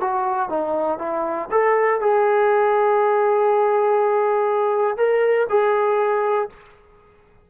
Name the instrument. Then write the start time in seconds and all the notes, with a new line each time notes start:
trombone
0.00 F#4
0.49 D#4
0.98 E4
1.51 A4
2.00 G#4
4.97 A#4
5.49 G#4